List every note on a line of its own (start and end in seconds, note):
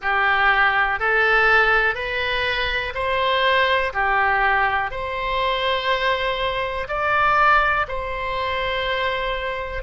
0.01 0.99 G4
0.99 1.94 A4
1.94 2.93 B4
2.94 3.92 C5
3.93 4.90 G4
4.90 6.87 C5
6.88 7.86 D5
7.87 9.82 C5